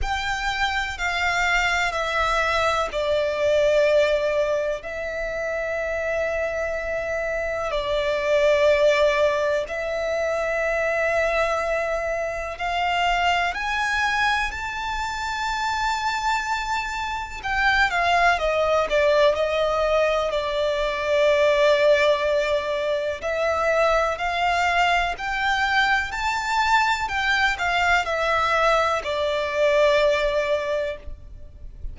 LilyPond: \new Staff \with { instrumentName = "violin" } { \time 4/4 \tempo 4 = 62 g''4 f''4 e''4 d''4~ | d''4 e''2. | d''2 e''2~ | e''4 f''4 gis''4 a''4~ |
a''2 g''8 f''8 dis''8 d''8 | dis''4 d''2. | e''4 f''4 g''4 a''4 | g''8 f''8 e''4 d''2 | }